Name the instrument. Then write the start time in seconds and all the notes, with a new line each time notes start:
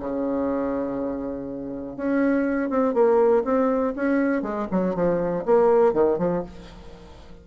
bassoon
0.00 C#3
1.97 C#4
2.70 C4
2.94 A#3
3.45 C4
3.96 C#4
4.42 G#3
4.72 F#3
4.95 F3
5.46 A#3
5.94 D#3
6.18 F3